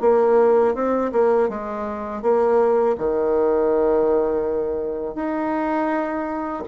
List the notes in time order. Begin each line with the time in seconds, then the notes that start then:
0.00 A#3
0.74 C4
1.12 A#3
1.49 G#3
2.22 A#3
2.98 D#3
5.14 D#4